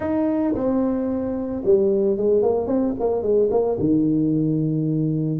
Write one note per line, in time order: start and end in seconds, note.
0.00 0.54 D#4
0.54 1.62 C4
1.64 2.17 G3
2.17 2.42 G#3
2.42 2.66 A#3
2.66 2.93 C4
2.99 3.22 A#3
3.22 3.49 G#3
3.51 3.78 A#3
3.79 5.40 D#3